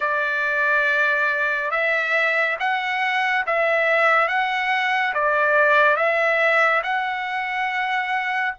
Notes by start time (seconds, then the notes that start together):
0.00 D5
1.71 E5
2.59 F#5
3.46 E5
4.28 F#5
5.14 D5
5.96 E5
6.83 F#5